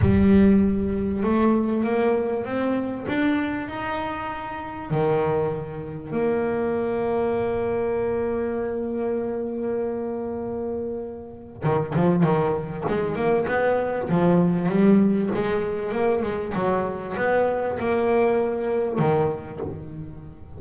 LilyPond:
\new Staff \with { instrumentName = "double bass" } { \time 4/4 \tempo 4 = 98 g2 a4 ais4 | c'4 d'4 dis'2 | dis2 ais2~ | ais1~ |
ais2. dis8 f8 | dis4 gis8 ais8 b4 f4 | g4 gis4 ais8 gis8 fis4 | b4 ais2 dis4 | }